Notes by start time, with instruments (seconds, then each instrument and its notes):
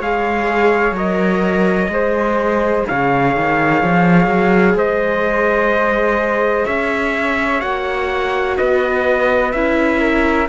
0.00 cello G#3, viola G#4, flute C#5, trumpet F5
0.92 cello F#3, viola A#4, trumpet D#5
1.89 cello G#3, viola G#4, flute C5
2.87 cello C#3, flute C#5, trumpet F5
3.36 cello D#3
3.83 cello F3
4.27 cello F#3
4.74 cello G#3, flute C5, trumpet D#5
6.66 cello C#4, flute C#5, trumpet E5
7.61 cello A#3, viola F#4, trumpet F#5
8.58 cello B3, flute B4, trumpet D#5
9.52 cello C#4, viola E4, trumpet E5
10.00 flute A#4